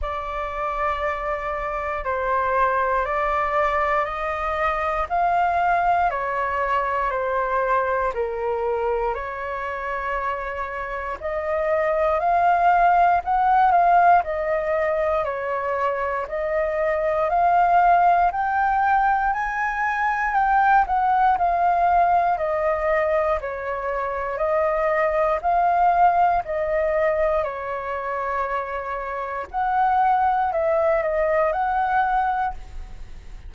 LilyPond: \new Staff \with { instrumentName = "flute" } { \time 4/4 \tempo 4 = 59 d''2 c''4 d''4 | dis''4 f''4 cis''4 c''4 | ais'4 cis''2 dis''4 | f''4 fis''8 f''8 dis''4 cis''4 |
dis''4 f''4 g''4 gis''4 | g''8 fis''8 f''4 dis''4 cis''4 | dis''4 f''4 dis''4 cis''4~ | cis''4 fis''4 e''8 dis''8 fis''4 | }